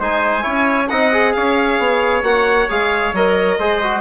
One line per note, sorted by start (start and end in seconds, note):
0.00 0.45 G#3
0.00 0.42 D#4
0.00 0.43 C5
0.00 0.89 G#5
0.42 0.90 C#4
0.42 0.87 E4
0.42 0.88 C#5
0.89 1.36 C4
0.89 1.13 D#4
0.89 1.34 D#5
0.89 1.33 F#5
1.13 2.24 G#4
1.33 1.79 C#4
1.33 3.60 C#5
1.33 2.23 F5
1.79 2.23 B3
2.23 2.68 A#3
2.23 2.69 F#4
2.23 2.69 F#5
2.69 3.13 G#3
2.69 3.14 G#4
2.69 3.15 F5
3.13 3.58 F#3
3.13 3.60 A#4
3.13 4.01 D#5
3.59 4.01 G#3
3.59 3.83 G#4
3.59 4.01 C5
3.83 4.01 F#4